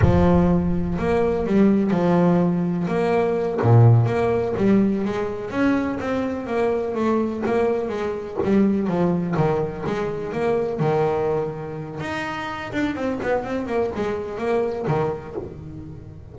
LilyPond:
\new Staff \with { instrumentName = "double bass" } { \time 4/4 \tempo 4 = 125 f2 ais4 g4 | f2 ais4. ais,8~ | ais,8 ais4 g4 gis4 cis'8~ | cis'8 c'4 ais4 a4 ais8~ |
ais8 gis4 g4 f4 dis8~ | dis8 gis4 ais4 dis4.~ | dis4 dis'4. d'8 c'8 b8 | c'8 ais8 gis4 ais4 dis4 | }